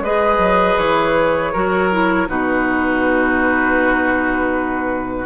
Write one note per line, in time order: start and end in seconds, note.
0.00 0.38 G#3
0.00 1.54 G#4
0.00 1.52 B4
0.00 0.78 D#5
0.38 0.75 F#3
0.78 1.53 E3
0.78 2.28 C#5
1.52 2.29 F#3
1.52 1.91 F#4
1.52 2.27 A#4
1.92 2.27 E4
2.27 5.25 B2
2.27 5.25 D#4
2.27 5.25 F#4
2.27 5.25 B4